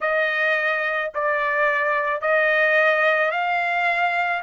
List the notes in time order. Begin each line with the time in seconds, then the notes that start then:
0.01 D#5
1.14 D5
2.21 D#5
3.31 F5